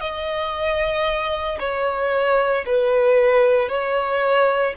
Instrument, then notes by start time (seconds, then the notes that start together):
violin
0.00 D#5
1.59 C#5
2.66 B4
3.68 C#5